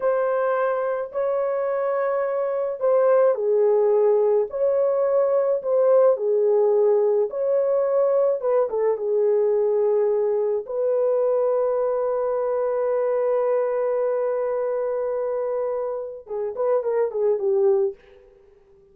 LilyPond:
\new Staff \with { instrumentName = "horn" } { \time 4/4 \tempo 4 = 107 c''2 cis''2~ | cis''4 c''4 gis'2 | cis''2 c''4 gis'4~ | gis'4 cis''2 b'8 a'8 |
gis'2. b'4~ | b'1~ | b'1~ | b'4 gis'8 b'8 ais'8 gis'8 g'4 | }